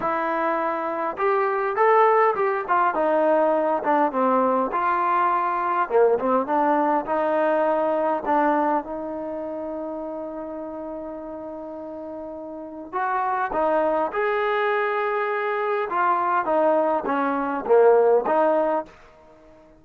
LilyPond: \new Staff \with { instrumentName = "trombone" } { \time 4/4 \tempo 4 = 102 e'2 g'4 a'4 | g'8 f'8 dis'4. d'8 c'4 | f'2 ais8 c'8 d'4 | dis'2 d'4 dis'4~ |
dis'1~ | dis'2 fis'4 dis'4 | gis'2. f'4 | dis'4 cis'4 ais4 dis'4 | }